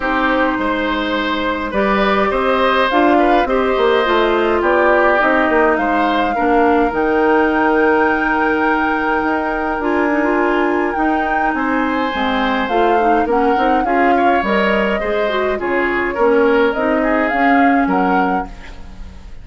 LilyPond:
<<
  \new Staff \with { instrumentName = "flute" } { \time 4/4 \tempo 4 = 104 c''2. d''4 | dis''4 f''4 dis''2 | d''4 dis''4 f''2 | g''1~ |
g''4 gis''2 g''4 | gis''2 f''4 fis''4 | f''4 dis''2 cis''4~ | cis''4 dis''4 f''4 fis''4 | }
  \new Staff \with { instrumentName = "oboe" } { \time 4/4 g'4 c''2 b'4 | c''4. b'8 c''2 | g'2 c''4 ais'4~ | ais'1~ |
ais'1 | c''2. ais'4 | gis'8 cis''4. c''4 gis'4 | ais'4. gis'4. ais'4 | }
  \new Staff \with { instrumentName = "clarinet" } { \time 4/4 dis'2. g'4~ | g'4 f'4 g'4 f'4~ | f'4 dis'2 d'4 | dis'1~ |
dis'4 f'8 dis'16 f'4~ f'16 dis'4~ | dis'4 c'4 f'8 dis'8 cis'8 dis'8 | f'4 ais'4 gis'8 fis'8 f'4 | cis'4 dis'4 cis'2 | }
  \new Staff \with { instrumentName = "bassoon" } { \time 4/4 c'4 gis2 g4 | c'4 d'4 c'8 ais8 a4 | b4 c'8 ais8 gis4 ais4 | dis1 |
dis'4 d'2 dis'4 | c'4 gis4 a4 ais8 c'8 | cis'4 g4 gis4 cis4 | ais4 c'4 cis'4 fis4 | }
>>